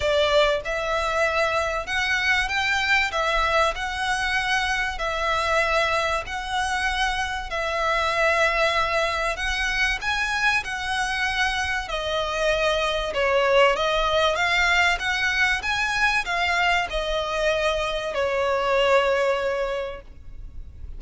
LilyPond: \new Staff \with { instrumentName = "violin" } { \time 4/4 \tempo 4 = 96 d''4 e''2 fis''4 | g''4 e''4 fis''2 | e''2 fis''2 | e''2. fis''4 |
gis''4 fis''2 dis''4~ | dis''4 cis''4 dis''4 f''4 | fis''4 gis''4 f''4 dis''4~ | dis''4 cis''2. | }